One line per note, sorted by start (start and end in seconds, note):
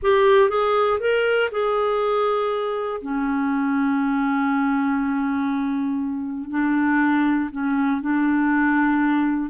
0.02 0.49 G4
0.49 0.99 G#4
1.00 1.50 A#4
1.51 3.01 G#4
3.01 6.50 C#4
6.50 7.50 D4
7.51 8.01 C#4
8.01 9.50 D4